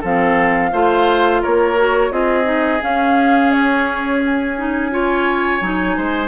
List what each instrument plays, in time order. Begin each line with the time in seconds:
0.00 bassoon F3, clarinet C4, oboe A4, flute F5
0.72 bassoon A3, clarinet F4, oboe C5
1.42 bassoon A#3, oboe A#4, flute C#5
1.76 clarinet F#4
2.10 bassoon C4, clarinet F4, oboe G#4, flute D#5
2.43 clarinet D#4
2.81 clarinet C#4, bassoon C#4, flute F5
3.51 flute C#5
4.24 flute G#5
4.56 clarinet D#4
4.91 clarinet F4, oboe C#5
5.61 bassoon F#3, clarinet D#4
5.96 bassoon G#3, oboe C5